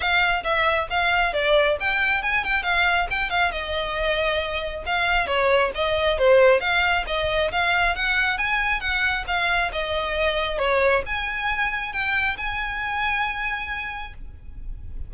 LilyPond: \new Staff \with { instrumentName = "violin" } { \time 4/4 \tempo 4 = 136 f''4 e''4 f''4 d''4 | g''4 gis''8 g''8 f''4 g''8 f''8 | dis''2. f''4 | cis''4 dis''4 c''4 f''4 |
dis''4 f''4 fis''4 gis''4 | fis''4 f''4 dis''2 | cis''4 gis''2 g''4 | gis''1 | }